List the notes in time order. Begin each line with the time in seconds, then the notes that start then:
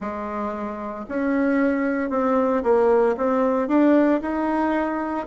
0.00 G#3
1.08 C#4
2.10 C4
2.63 A#3
3.17 C4
3.67 D4
4.21 D#4